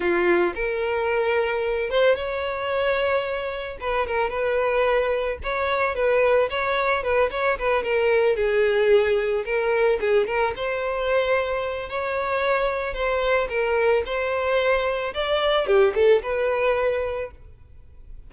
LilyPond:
\new Staff \with { instrumentName = "violin" } { \time 4/4 \tempo 4 = 111 f'4 ais'2~ ais'8 c''8 | cis''2. b'8 ais'8 | b'2 cis''4 b'4 | cis''4 b'8 cis''8 b'8 ais'4 gis'8~ |
gis'4. ais'4 gis'8 ais'8 c''8~ | c''2 cis''2 | c''4 ais'4 c''2 | d''4 g'8 a'8 b'2 | }